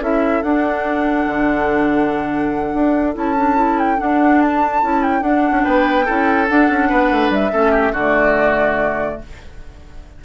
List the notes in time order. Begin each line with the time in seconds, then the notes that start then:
0.00 C#4 E4 A4 E5
0.42 D4 F#5
1.26 D3
2.74 D4
3.14 C#4 E4 A5
3.37 D4
3.55 E4
3.79 G5
3.97 D4 F#5
4.41 A5
4.82 C#4 E4
5.02 G5
5.21 D4 F#5
5.51 C#4
5.64 B3 B4 G5
6.05 C#4 E4 A4
6.48 D4 F#5
6.69 C#4
6.88 B3 B4
7.11 A3
7.29 G3 E5
7.51 A3 C#4 A4
7.71 G4
7.92 D3 F#4 D5
7.99 A3